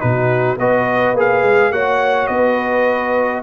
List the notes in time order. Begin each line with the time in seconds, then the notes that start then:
0.00 B2 D#4 F#4 B4
0.59 B3 F#4 B4 D#5
1.14 A#3 G#4
1.20 F5
1.43 G#3
1.71 A#3 F#4 C#5 F#5
2.27 B3 B4 D#5